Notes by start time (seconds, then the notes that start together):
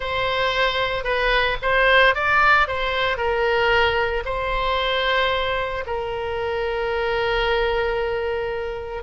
0.00 C5
1.04 B4
1.62 C5
2.14 D5
2.67 C5
3.17 A#4
4.25 C5
5.86 A#4